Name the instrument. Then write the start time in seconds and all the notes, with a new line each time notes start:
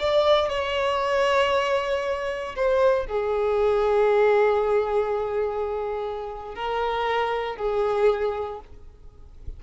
violin
0.00 D5
0.49 C#5
2.56 C5
3.07 G#4
6.56 A#4
7.57 G#4